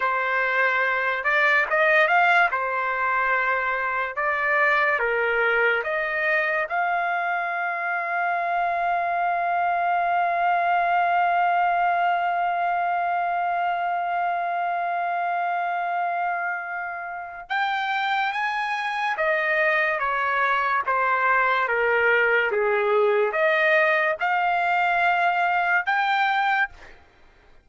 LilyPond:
\new Staff \with { instrumentName = "trumpet" } { \time 4/4 \tempo 4 = 72 c''4. d''8 dis''8 f''8 c''4~ | c''4 d''4 ais'4 dis''4 | f''1~ | f''1~ |
f''1~ | f''4 g''4 gis''4 dis''4 | cis''4 c''4 ais'4 gis'4 | dis''4 f''2 g''4 | }